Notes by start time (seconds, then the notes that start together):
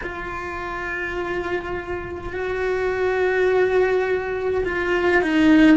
0.03 F4
2.33 F#4
4.65 F4
5.22 D#4